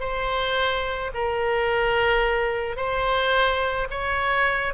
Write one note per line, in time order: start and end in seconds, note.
0.00 1.11 C5
1.14 2.76 A#4
2.76 3.87 C5
3.90 4.73 C#5